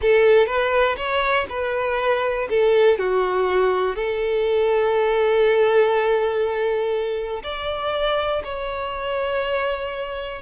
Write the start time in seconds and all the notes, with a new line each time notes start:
0.01 A4
0.46 B4
0.97 C#5
1.49 B4
2.49 A4
2.98 F#4
3.95 A4
7.43 D5
8.43 C#5